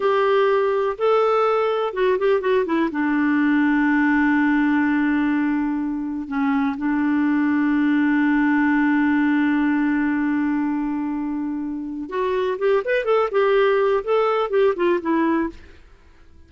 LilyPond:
\new Staff \with { instrumentName = "clarinet" } { \time 4/4 \tempo 4 = 124 g'2 a'2 | fis'8 g'8 fis'8 e'8 d'2~ | d'1~ | d'4 cis'4 d'2~ |
d'1~ | d'1~ | d'4 fis'4 g'8 b'8 a'8 g'8~ | g'4 a'4 g'8 f'8 e'4 | }